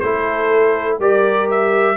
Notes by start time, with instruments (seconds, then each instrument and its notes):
0.00 tuba A3, trombone E4, horn A4, trumpet C5
0.99 tuba G3, trombone G4, horn A#4, trumpet D5
1.50 trumpet E5